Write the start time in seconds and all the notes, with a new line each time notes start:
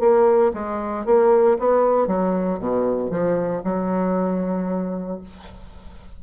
0.00 A#3
0.54 G#3
1.06 A#3
1.59 B3
2.07 F#3
2.59 B2
3.10 F3
3.64 F#3